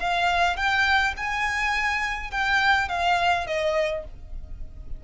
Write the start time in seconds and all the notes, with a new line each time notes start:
0.00 F5
0.57 G5
1.17 G#5
2.31 G5
2.89 F5
3.47 D#5